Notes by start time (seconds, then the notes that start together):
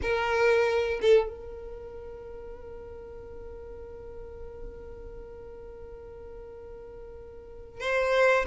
0.02 A#4
1.01 A4
1.28 A#4
7.80 C5